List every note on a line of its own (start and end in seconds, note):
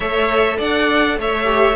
0.00 0.58 A3
0.00 1.44 A4
0.00 0.57 C#5
0.00 0.59 E5
0.58 1.17 D4
0.58 1.17 D5
0.58 1.19 F#5
1.17 1.75 A3
1.17 1.75 C#5
1.17 1.75 E5
1.44 1.74 G4